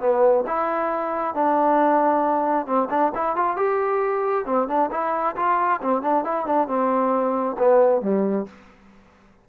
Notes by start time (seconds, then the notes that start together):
0.00 B3
0.47 E4
1.34 D4
2.66 C4
2.90 D4
3.15 E4
3.36 F4
3.56 G4
4.46 C4
4.68 D4
4.91 E4
5.36 F4
5.81 C4
6.02 D4
6.24 E4
6.46 D4
6.67 C4
7.58 B3
8.01 G3